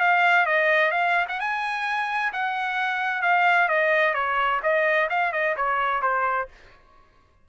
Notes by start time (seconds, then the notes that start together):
0.00 F5
0.46 D#5
0.91 F5
1.29 F#5
1.40 G#5
2.33 F#5
3.22 F5
3.68 D#5
4.14 C#5
4.63 D#5
5.10 F5
5.33 D#5
5.56 C#5
6.02 C5